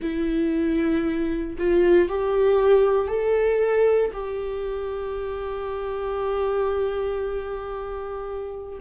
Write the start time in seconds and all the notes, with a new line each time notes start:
0.01 E4
1.58 F4
2.08 G4
3.08 A4
4.13 G4